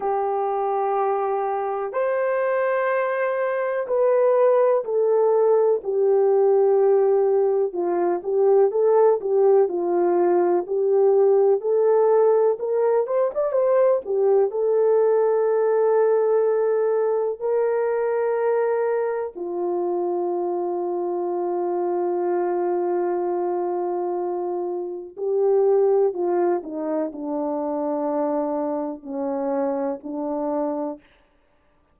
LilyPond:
\new Staff \with { instrumentName = "horn" } { \time 4/4 \tempo 4 = 62 g'2 c''2 | b'4 a'4 g'2 | f'8 g'8 a'8 g'8 f'4 g'4 | a'4 ais'8 c''16 d''16 c''8 g'8 a'4~ |
a'2 ais'2 | f'1~ | f'2 g'4 f'8 dis'8 | d'2 cis'4 d'4 | }